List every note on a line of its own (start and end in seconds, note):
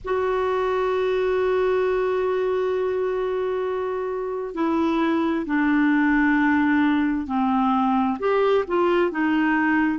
0.04 4.54 F#4
4.54 5.45 E4
5.45 7.26 D4
7.26 8.17 C4
8.19 8.64 G4
8.67 9.11 F4
9.11 9.98 D#4